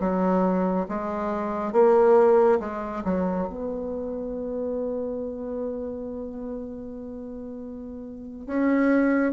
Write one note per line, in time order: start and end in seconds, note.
0.00 0.87 F#3
0.89 1.72 G#3
1.72 2.59 A#3
2.59 3.03 G#3
3.04 3.47 F#3
3.47 8.47 B3
8.47 9.32 C#4